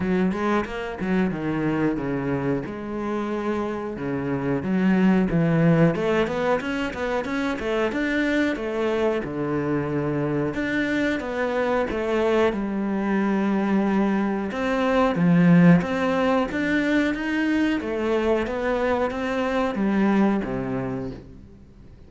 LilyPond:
\new Staff \with { instrumentName = "cello" } { \time 4/4 \tempo 4 = 91 fis8 gis8 ais8 fis8 dis4 cis4 | gis2 cis4 fis4 | e4 a8 b8 cis'8 b8 cis'8 a8 | d'4 a4 d2 |
d'4 b4 a4 g4~ | g2 c'4 f4 | c'4 d'4 dis'4 a4 | b4 c'4 g4 c4 | }